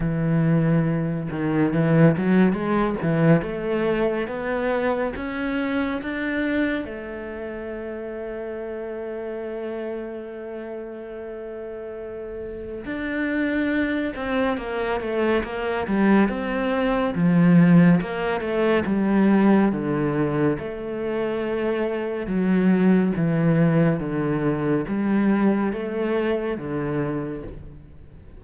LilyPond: \new Staff \with { instrumentName = "cello" } { \time 4/4 \tempo 4 = 70 e4. dis8 e8 fis8 gis8 e8 | a4 b4 cis'4 d'4 | a1~ | a2. d'4~ |
d'8 c'8 ais8 a8 ais8 g8 c'4 | f4 ais8 a8 g4 d4 | a2 fis4 e4 | d4 g4 a4 d4 | }